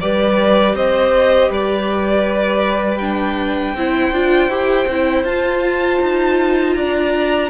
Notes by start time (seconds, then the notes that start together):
0.00 G3 G4 B4 D5
0.74 C4 C5 D#5
1.49 G3 B4 D5
2.98 D4 G5
3.74 C4 E4 C5
4.12 D4 F4
4.48 E4 G4
4.87 C4 E4
5.24 F4 A5
6.01 D#4
6.73 D4 D5 A#5